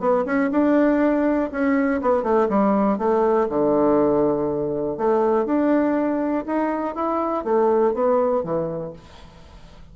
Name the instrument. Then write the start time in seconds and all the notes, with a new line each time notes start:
bassoon
0.00 B3
0.26 C#4
0.52 D4
1.52 C#4
2.02 B3
2.23 A3
2.50 G3
2.98 A3
3.49 D3
4.98 A3
5.46 D4
6.46 D#4
6.95 E4
7.45 A3
7.94 B3
8.44 E3